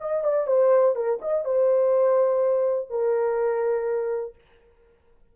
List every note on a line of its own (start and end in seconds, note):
0.00 0.24 D#5
0.24 0.47 D5
0.47 0.95 C5
0.95 1.19 A#4
1.21 1.45 D#5
1.45 2.90 C5
2.90 4.35 A#4